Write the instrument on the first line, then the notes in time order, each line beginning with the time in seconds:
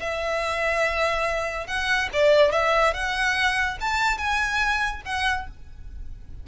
violin
0.00 E5
1.67 F#5
2.13 D5
2.52 E5
2.94 F#5
3.81 A5
4.18 G#5
5.06 F#5